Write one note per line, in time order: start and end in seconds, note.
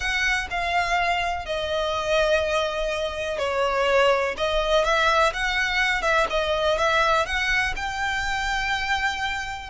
0.00 0.48 F#5
0.50 1.45 F5
1.45 3.38 D#5
3.38 4.35 C#5
4.37 4.84 D#5
4.84 5.32 E5
5.33 6.02 F#5
6.02 6.26 E5
6.29 6.77 D#5
6.77 7.26 E5
7.26 7.74 F#5
7.76 9.69 G5